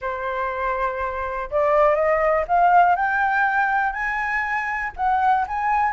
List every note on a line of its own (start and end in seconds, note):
0.01 1.50 C5
1.50 1.95 D5
1.95 2.44 D#5
2.47 2.95 F5
2.95 3.92 G5
3.92 4.91 G#5
4.96 5.46 F#5
5.47 5.93 G#5